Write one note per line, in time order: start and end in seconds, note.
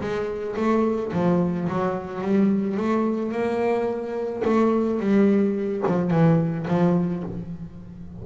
0.00 0.56 G#3
0.56 1.12 A3
1.13 1.68 F3
1.68 2.21 F#3
2.21 2.77 G3
2.77 3.32 A3
3.32 4.43 A#3
4.45 5.00 A3
5.00 5.83 G3
5.87 6.11 F3
6.11 6.66 E3
6.68 7.23 F3